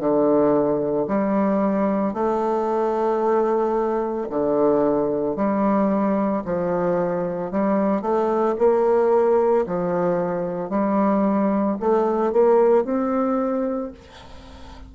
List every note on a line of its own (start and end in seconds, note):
0.00 1.07 D3
1.08 2.14 G3
2.14 4.28 A3
4.30 5.36 D3
5.36 6.43 G3
6.45 7.51 F3
7.51 8.02 G3
8.02 8.55 A3
8.59 9.66 A#3
9.67 10.70 F3
10.70 11.77 G3
11.80 12.33 A3
12.33 12.85 A#3
12.85 13.92 C4